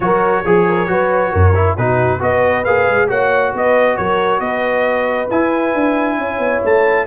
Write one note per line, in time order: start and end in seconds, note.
0.00 0.44 F#3
0.00 0.44 F#4
0.00 0.44 A#4
0.00 1.76 C#5
0.44 0.88 F3
0.44 0.66 G#4
0.44 0.87 G#4
0.68 0.90 A#4
0.87 1.32 F#3
0.87 1.53 F#4
0.87 1.31 B4
1.31 1.77 F#2
1.31 1.76 A#4
1.55 1.77 E4
1.76 2.21 B2
1.76 2.19 D#4
1.76 2.20 F#4
1.76 2.21 B4
2.19 2.65 B3
2.19 2.63 F#4
2.19 3.08 B4
2.19 2.64 D#5
2.64 2.87 A#3
2.64 3.07 G#4
2.64 3.08 F5
2.87 3.09 G#3
3.07 3.53 A#3
3.07 5.28 F#4
3.07 3.52 C#5
3.07 3.54 F#5
3.53 3.98 B3
3.53 3.97 B4
3.53 3.97 D#5
3.97 4.39 F#3
3.97 4.40 A#4
3.97 4.39 C#5
4.39 5.27 B3
4.39 6.16 B4
4.39 5.28 D#5
5.30 5.74 E4
5.30 7.06 E4
5.30 6.62 G#5
5.74 6.18 D4
6.18 6.38 C#4
6.18 7.06 C#5
6.38 6.60 B3
6.64 7.06 A3
6.64 7.06 A5